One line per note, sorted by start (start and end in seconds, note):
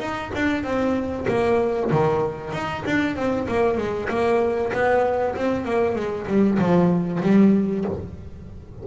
0.00 0.31 D#4
0.35 0.64 D4
0.64 1.26 C4
1.28 1.91 A#3
1.91 2.53 D#3
2.53 2.84 D#4
2.86 3.16 D4
3.16 3.47 C4
3.48 3.78 A#3
3.78 4.09 G#3
4.09 4.72 A#3
4.73 5.35 B3
5.36 5.65 C4
5.65 5.95 A#3
5.95 6.27 G#3
6.27 6.59 G3
6.59 7.21 F3
7.22 7.85 G3